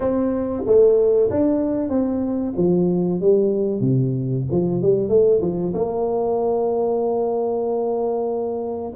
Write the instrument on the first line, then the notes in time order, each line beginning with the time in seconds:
tuba
0.00 C4
0.66 A3
1.30 D4
1.89 C4
2.56 F3
3.20 G3
3.80 C3
4.51 F3
4.82 G3
5.08 A3
5.41 F3
5.74 A#3